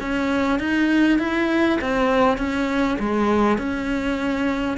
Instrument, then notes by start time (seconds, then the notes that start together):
cello
0.00 C#4
0.59 D#4
1.19 E4
1.81 C4
2.37 C#4
2.99 G#3
3.58 C#4